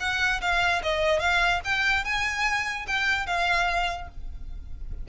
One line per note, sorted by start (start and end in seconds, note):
0.00 0.41 F#5
0.41 0.82 F5
0.83 1.19 D#5
1.19 1.60 F5
1.65 2.04 G5
2.04 2.86 G#5
2.87 3.26 G5
3.26 4.08 F5